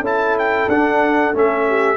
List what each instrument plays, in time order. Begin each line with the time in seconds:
0.00 tuba C#4, trombone E4, horn A4
0.06 trumpet A5
0.39 trumpet G5
0.68 tuba D4, trombone D4, trumpet F#5
1.34 tuba A3, trombone C#4, trumpet E5
1.68 horn G4